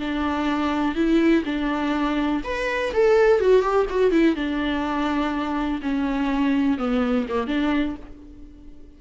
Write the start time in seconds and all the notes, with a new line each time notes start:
0.00 D4
0.95 E4
1.46 D4
2.44 B4
2.93 A4
3.41 F#4
3.62 G4
3.90 F#4
4.12 E4
4.36 D4
5.82 C#4
6.78 B3
7.29 A#3
7.47 D4